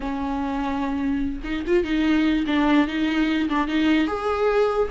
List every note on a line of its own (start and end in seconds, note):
0.00 1.40 C#4
1.44 1.64 D#4
1.66 1.84 F4
1.84 2.45 D#4
2.47 2.87 D4
2.87 3.48 D#4
3.49 3.67 D4
3.67 4.07 D#4
4.07 4.88 G#4